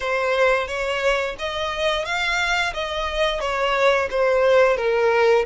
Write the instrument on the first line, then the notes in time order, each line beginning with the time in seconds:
violin
0.00 C5
0.67 C#5
1.39 D#5
2.05 F5
2.73 D#5
3.40 C#5
4.10 C5
4.77 A#4